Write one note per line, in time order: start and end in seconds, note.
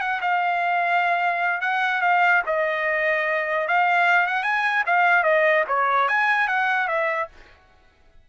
0.00 0.20 F#5
0.21 1.61 F5
1.61 2.01 F#5
2.01 2.42 F5
2.46 3.67 D#5
3.67 4.26 F5
4.26 4.43 F#5
4.43 4.83 G#5
4.86 5.23 F5
5.23 5.64 D#5
5.67 6.08 C#5
6.08 6.48 G#5
6.48 6.87 F#5
6.87 7.28 E5